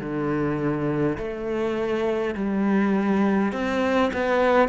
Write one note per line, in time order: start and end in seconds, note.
0.00 1.18 D3
1.18 2.35 A3
2.35 3.53 G3
3.53 4.12 C4
4.13 4.69 B3